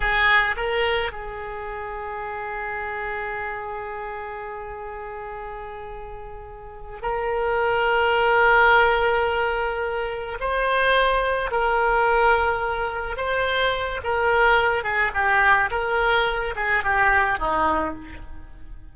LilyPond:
\new Staff \with { instrumentName = "oboe" } { \time 4/4 \tempo 4 = 107 gis'4 ais'4 gis'2~ | gis'1~ | gis'1~ | gis'8 ais'2.~ ais'8~ |
ais'2~ ais'8 c''4.~ | c''8 ais'2. c''8~ | c''4 ais'4. gis'8 g'4 | ais'4. gis'8 g'4 dis'4 | }